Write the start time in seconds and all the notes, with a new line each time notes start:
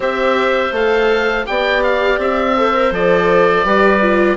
0.00 C4 G4 C5 E5
0.72 A3 A4 F5
1.45 B3 G4 D5 G5
1.83 F5
2.18 C4 E5
2.56 A4 C5
2.74 A#4
2.91 F3 A4 D5
3.63 G3 G4 B4
4.01 F4